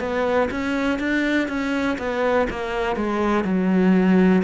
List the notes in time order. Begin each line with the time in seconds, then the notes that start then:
0.00 B3
0.51 C#4
0.99 D4
1.48 C#4
1.99 B3
2.50 A#3
2.96 G#3
3.44 F#3